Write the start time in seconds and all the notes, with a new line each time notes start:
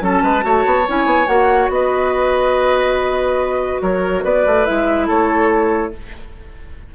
0.00 F#3 C#4 A4 A5
0.23 G#3 B4
0.41 A3 F#4 C#5
0.66 B3
0.87 C#4 E4 G#5
1.05 B3
1.27 A#3 F#4 F#5
1.69 B3 B4 D#5
3.82 F#3 A#4 C#5
4.24 B3 B4 D5
4.46 A3
4.65 G#3 E4 E5
5.07 A3 A4 C#5